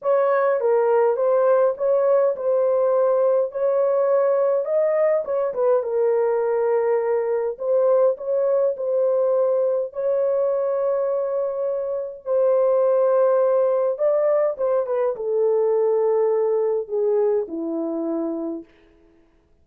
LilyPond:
\new Staff \with { instrumentName = "horn" } { \time 4/4 \tempo 4 = 103 cis''4 ais'4 c''4 cis''4 | c''2 cis''2 | dis''4 cis''8 b'8 ais'2~ | ais'4 c''4 cis''4 c''4~ |
c''4 cis''2.~ | cis''4 c''2. | d''4 c''8 b'8 a'2~ | a'4 gis'4 e'2 | }